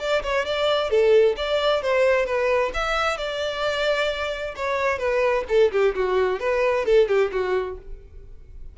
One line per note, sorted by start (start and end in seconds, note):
0.00 0.23 D5
0.23 0.46 C#5
0.46 0.90 D5
0.90 1.36 A4
1.37 1.83 D5
1.83 2.26 C5
2.26 2.72 B4
2.74 3.18 E5
3.18 4.55 D5
4.56 4.99 C#5
4.99 5.45 B4
5.49 5.72 A4
5.72 5.95 G4
5.95 6.40 F#4
6.40 6.86 B4
6.86 7.08 A4
7.08 7.31 G4
7.32 7.78 F#4